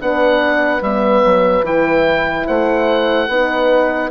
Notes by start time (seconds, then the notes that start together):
0.00 B3 D4 B4 F#5
0.82 G3 B3 E5
1.25 F#3
1.63 E3 E4 G5
2.46 A3 C5 F#5
3.29 B3 D#4 B4